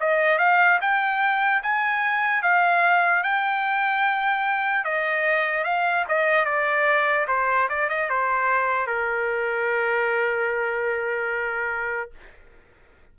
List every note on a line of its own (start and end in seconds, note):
0.00 0.39 D#5
0.39 0.79 F5
0.81 1.63 G5
1.63 2.43 G#5
2.43 3.23 F5
3.23 4.85 G5
4.85 5.64 D#5
5.64 6.05 F5
6.08 6.45 D#5
6.45 7.26 D5
7.28 7.68 C5
7.69 7.89 D5
7.89 8.10 D#5
8.10 8.87 C5
8.87 12.11 A#4